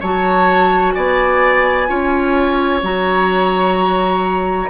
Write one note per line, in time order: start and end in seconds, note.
0.00 0.95 F#3
0.00 1.87 F#4
0.00 0.94 C#5
0.00 0.92 A5
0.92 1.89 B3
0.92 1.88 D5
0.92 2.79 G#5
1.87 2.82 C#4
1.87 2.81 F4
1.87 4.70 C#5
2.82 4.70 F#3
2.82 4.70 F#4
2.82 4.70 A#5